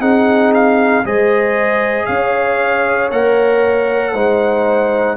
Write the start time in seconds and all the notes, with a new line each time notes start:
0.00 C4 D#4 G#4 F#5
0.54 F5
1.04 G#3 G#4 C5 D#5
2.06 C#4 C#5 F5
3.11 A#3 A#4 F#5
4.13 G#3 D#4 C5